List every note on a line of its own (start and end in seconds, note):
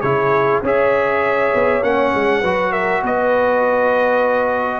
0.00 0.62 C#3
0.00 0.64 E4
0.00 0.62 G#4
0.00 0.60 C#5
0.62 1.52 C#4
0.62 1.83 G#4
0.62 2.41 C#5
0.62 1.83 E5
1.54 1.82 B3
1.82 2.12 A#3
1.82 2.43 C#4
1.82 2.72 F#5
2.14 2.42 G#3
2.41 3.02 F#3
2.41 4.79 F#4
2.41 2.71 B4
2.71 3.01 A#4
2.71 3.02 E5
3.02 4.79 B3
3.02 4.79 B4
3.02 4.79 D#5